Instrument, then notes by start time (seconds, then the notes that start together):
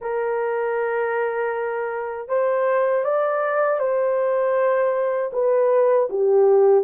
horn
0.01 A#4
2.28 C5
3.04 D5
3.79 C5
5.32 B4
6.09 G4